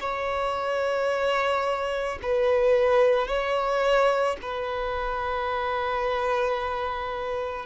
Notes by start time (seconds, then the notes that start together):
0.00 C#5
2.22 B4
3.27 C#5
4.41 B4